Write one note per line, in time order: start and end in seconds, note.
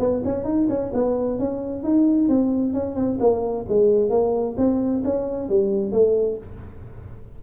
0.00 0.23 B3
0.25 0.44 C#4
0.44 0.67 D#4
0.69 0.92 C#4
0.94 1.39 B3
1.39 1.84 C#4
1.84 2.29 D#4
2.29 2.74 C4
2.74 2.96 C#4
2.96 3.19 C4
3.20 3.66 A#3
3.69 4.10 G#3
4.10 4.56 A#3
4.58 5.03 C4
5.04 5.49 C#4
5.49 5.92 G3
5.92 6.38 A3